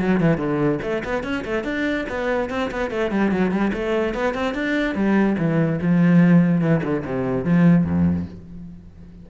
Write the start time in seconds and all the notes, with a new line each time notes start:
0.00 F#3
0.21 E3
0.38 D3
0.83 A3
1.04 B3
1.24 C#4
1.45 A3
1.64 D4
2.09 B3
2.50 C4
2.71 B3
2.91 A3
3.11 G3
3.32 F#3
3.51 G3
3.74 A3
4.14 B3
4.34 C4
4.54 D4
4.95 G3
5.38 E3
5.82 F3
6.61 E3
6.84 D3
7.05 C3
7.45 F3
7.85 F2